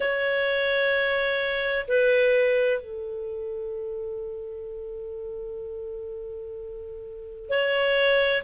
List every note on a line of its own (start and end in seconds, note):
0.00 1.86 C#5
1.87 2.80 B4
2.80 7.49 A4
7.49 8.42 C#5